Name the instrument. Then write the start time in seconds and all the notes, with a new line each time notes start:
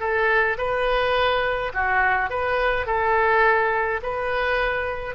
oboe
0.00 A4
0.58 B4
1.74 F#4
2.30 B4
2.86 A4
4.03 B4